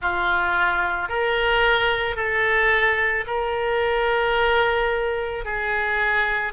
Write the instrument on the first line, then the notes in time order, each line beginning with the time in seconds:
oboe
0.01 F4
1.09 A#4
2.15 A4
3.26 A#4
5.44 G#4